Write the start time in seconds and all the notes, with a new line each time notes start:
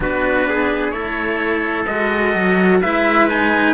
0.00 B3 D4 F#4 B4
0.48 G#4
0.90 A3 E4 A4 C#5
1.86 G#3 F#4 D#5
2.35 F#3
2.81 G#3 E4 B4 E5
3.29 D#4 G#5